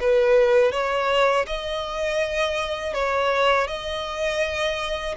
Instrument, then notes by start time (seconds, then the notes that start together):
violin
0.00 B4
0.72 C#5
1.46 D#5
2.94 C#5
3.67 D#5